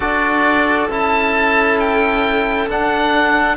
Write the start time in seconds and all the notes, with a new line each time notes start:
0.00 D4 F#4 A4 D5
0.90 C#4 E4 A5
1.79 G5
2.68 D4 F#5